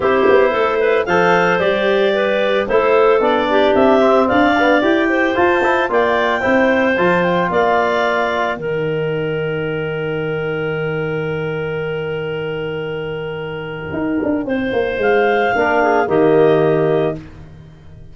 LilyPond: <<
  \new Staff \with { instrumentName = "clarinet" } { \time 4/4 \tempo 4 = 112 c''2 f''4 d''4~ | d''4 c''4 d''4 e''4 | f''4 g''4 a''4 g''4~ | g''4 a''8 g''8 f''2 |
g''1~ | g''1~ | g''1 | f''2 dis''2 | }
  \new Staff \with { instrumentName = "clarinet" } { \time 4/4 g'4 a'8 b'8 c''2 | b'4 a'4. g'4. | d''4. c''4. d''4 | c''2 d''2 |
ais'1~ | ais'1~ | ais'2. c''4~ | c''4 ais'8 gis'8 g'2 | }
  \new Staff \with { instrumentName = "trombone" } { \time 4/4 e'2 a'4 g'4~ | g'4 e'4 d'4. c'8~ | c'8 b8 g'4 f'8 e'8 f'4 | e'4 f'2. |
dis'1~ | dis'1~ | dis'1~ | dis'4 d'4 ais2 | }
  \new Staff \with { instrumentName = "tuba" } { \time 4/4 c'8 b8 a4 f4 g4~ | g4 a4 b4 c'4 | d'4 e'4 f'4 ais4 | c'4 f4 ais2 |
dis1~ | dis1~ | dis2 dis'8 d'8 c'8 ais8 | gis4 ais4 dis2 | }
>>